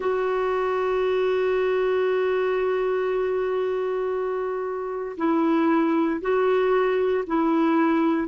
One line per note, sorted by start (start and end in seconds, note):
0.00 5.16 F#4
5.17 6.20 E4
6.21 7.24 F#4
7.26 8.28 E4